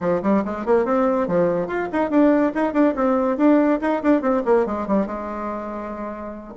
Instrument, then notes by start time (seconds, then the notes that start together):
bassoon
0.01 F3
0.22 G3
0.44 G#3
0.65 A#3
0.85 C4
1.27 F3
1.67 F4
1.92 D#4
2.10 D4
2.54 D#4
2.73 D4
2.95 C4
3.37 D4
3.81 D#4
4.02 D4
4.21 C4
4.45 A#3
4.66 G#3
4.87 G3
5.06 G#3